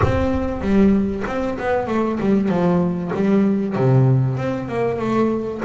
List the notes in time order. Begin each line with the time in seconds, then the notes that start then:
0.02 C4
0.61 G3
1.26 C4
1.58 B3
1.87 A3
2.20 G3
2.48 F3
3.14 G3
3.75 C3
4.37 C4
4.68 A#3
4.99 A3